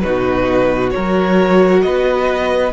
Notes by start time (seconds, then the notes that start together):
0.00 B2 D#4 F#4 B4
0.90 F#3 F#4 A#4 C#5
1.82 B3 B4 D#5